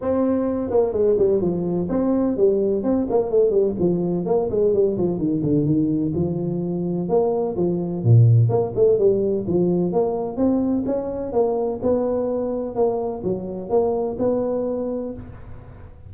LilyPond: \new Staff \with { instrumentName = "tuba" } { \time 4/4 \tempo 4 = 127 c'4. ais8 gis8 g8 f4 | c'4 g4 c'8 ais8 a8 g8 | f4 ais8 gis8 g8 f8 dis8 d8 | dis4 f2 ais4 |
f4 ais,4 ais8 a8 g4 | f4 ais4 c'4 cis'4 | ais4 b2 ais4 | fis4 ais4 b2 | }